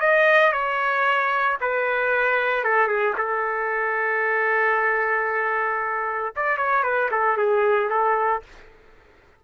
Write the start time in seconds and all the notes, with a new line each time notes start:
0.00 D#5
0.52 C#5
1.61 B4
2.64 A4
2.87 G#4
3.17 A4
6.36 D5
6.57 C#5
6.83 B4
7.11 A4
7.37 G#4
7.90 A4